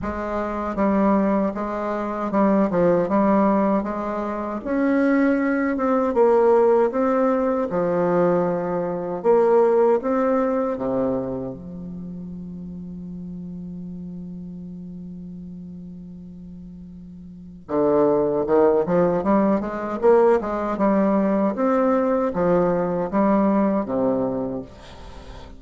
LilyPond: \new Staff \with { instrumentName = "bassoon" } { \time 4/4 \tempo 4 = 78 gis4 g4 gis4 g8 f8 | g4 gis4 cis'4. c'8 | ais4 c'4 f2 | ais4 c'4 c4 f4~ |
f1~ | f2. d4 | dis8 f8 g8 gis8 ais8 gis8 g4 | c'4 f4 g4 c4 | }